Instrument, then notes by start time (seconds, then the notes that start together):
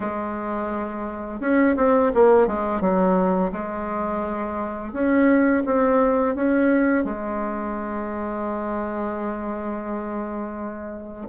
bassoon
0.00 G#3
1.40 C#4
1.76 C4
2.14 A#3
2.47 G#3
2.80 F#3
3.52 G#3
4.92 C#4
5.65 C4
6.35 C#4
7.04 G#3